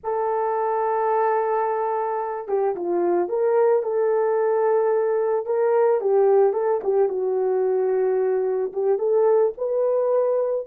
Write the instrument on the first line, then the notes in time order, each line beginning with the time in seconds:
horn
0.03 A4
2.48 G4
2.75 F4
3.29 A#4
3.82 A4
5.46 A#4
6.00 G4
6.53 A4
6.83 G4
7.09 F#4
8.72 G4
8.98 A4
9.57 B4